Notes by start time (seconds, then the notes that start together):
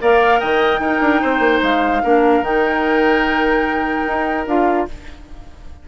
0.00 A#3 A#4 D5 F5
0.40 D#3 D#5 G5
0.79 D#4 A#4
1.01 D4
1.21 C4 C5
1.39 A#3
1.62 G#3 F5
2.03 A#3 D4 A#4
2.41 D#3 D#4 G5
4.07 D#4
4.47 D4 F4 F5